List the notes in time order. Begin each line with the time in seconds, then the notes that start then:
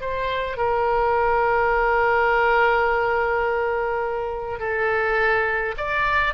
0.00 C5
0.57 A#4
4.59 A4
5.77 D5